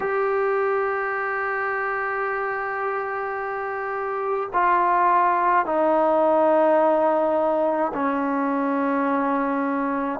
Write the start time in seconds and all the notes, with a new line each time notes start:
0.00 G4
4.53 F4
5.66 D#4
7.93 C#4